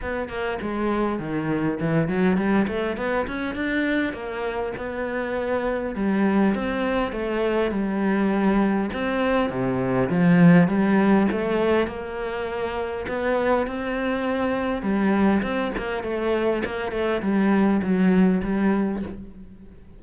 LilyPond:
\new Staff \with { instrumentName = "cello" } { \time 4/4 \tempo 4 = 101 b8 ais8 gis4 dis4 e8 fis8 | g8 a8 b8 cis'8 d'4 ais4 | b2 g4 c'4 | a4 g2 c'4 |
c4 f4 g4 a4 | ais2 b4 c'4~ | c'4 g4 c'8 ais8 a4 | ais8 a8 g4 fis4 g4 | }